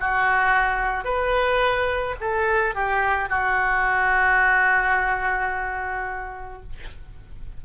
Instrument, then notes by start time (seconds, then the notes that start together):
oboe
0.00 F#4
1.05 B4
2.21 A4
2.75 G4
3.29 F#4